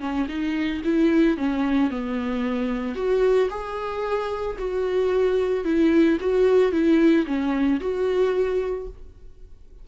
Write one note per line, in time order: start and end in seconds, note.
0.00 0.27 C#4
0.28 0.82 D#4
0.84 1.37 E4
1.37 1.90 C#4
1.90 2.95 B3
2.95 3.49 F#4
3.50 4.57 G#4
4.58 5.64 F#4
5.64 6.18 E4
6.20 6.72 F#4
6.72 7.26 E4
7.26 7.80 C#4
7.80 8.88 F#4